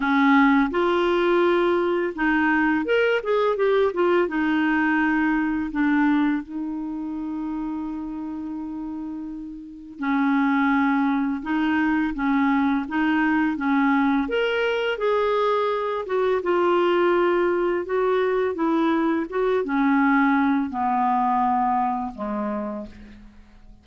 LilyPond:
\new Staff \with { instrumentName = "clarinet" } { \time 4/4 \tempo 4 = 84 cis'4 f'2 dis'4 | ais'8 gis'8 g'8 f'8 dis'2 | d'4 dis'2.~ | dis'2 cis'2 |
dis'4 cis'4 dis'4 cis'4 | ais'4 gis'4. fis'8 f'4~ | f'4 fis'4 e'4 fis'8 cis'8~ | cis'4 b2 gis4 | }